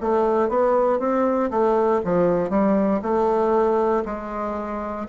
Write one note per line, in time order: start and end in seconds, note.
0.00 0.49 A3
0.49 0.99 B3
0.99 1.50 C4
1.50 2.01 A3
2.04 2.50 F3
2.50 3.00 G3
3.02 4.04 A3
4.05 5.07 G#3